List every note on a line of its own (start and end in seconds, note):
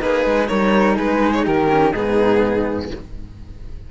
0.00 0.25 A#3
0.00 0.48 D#4
0.00 0.47 G#4
0.00 0.48 B4
0.25 0.49 G#3
0.47 0.98 G3
0.47 1.67 D#4
0.47 0.96 A#4
0.47 0.96 C#5
0.96 1.47 G#3
0.96 1.44 G#4
0.96 1.33 B4
1.33 1.45 C#5
1.44 1.94 D#3
1.44 1.92 G4
1.44 1.93 A#4
1.69 1.93 C#4
1.92 2.90 G#2
1.92 2.91 B3
1.92 2.88 D#4
1.92 2.89 G#4